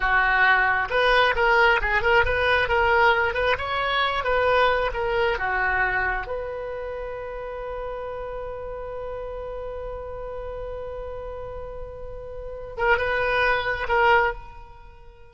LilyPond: \new Staff \with { instrumentName = "oboe" } { \time 4/4 \tempo 4 = 134 fis'2 b'4 ais'4 | gis'8 ais'8 b'4 ais'4. b'8 | cis''4. b'4. ais'4 | fis'2 b'2~ |
b'1~ | b'1~ | b'1~ | b'8 ais'8 b'2 ais'4 | }